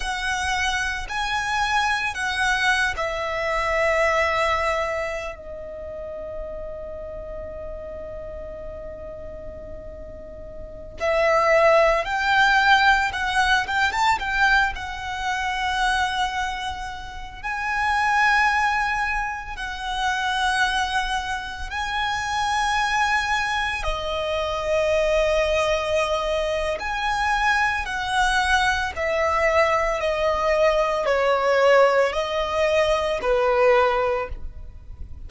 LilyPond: \new Staff \with { instrumentName = "violin" } { \time 4/4 \tempo 4 = 56 fis''4 gis''4 fis''8. e''4~ e''16~ | e''4 dis''2.~ | dis''2~ dis''16 e''4 g''8.~ | g''16 fis''8 g''16 a''16 g''8 fis''2~ fis''16~ |
fis''16 gis''2 fis''4.~ fis''16~ | fis''16 gis''2 dis''4.~ dis''16~ | dis''4 gis''4 fis''4 e''4 | dis''4 cis''4 dis''4 b'4 | }